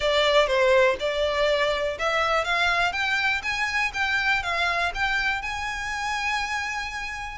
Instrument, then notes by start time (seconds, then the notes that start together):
violin
0.00 D5
0.47 C5
0.99 D5
1.99 E5
2.44 F5
2.92 G5
3.42 G#5
3.93 G5
4.42 F5
4.94 G5
5.42 G#5